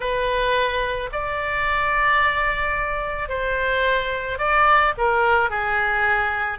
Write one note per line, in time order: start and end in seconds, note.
0.00 1.09 B4
1.12 3.28 D5
3.28 4.38 C5
4.38 4.93 D5
4.97 5.49 A#4
5.49 6.58 G#4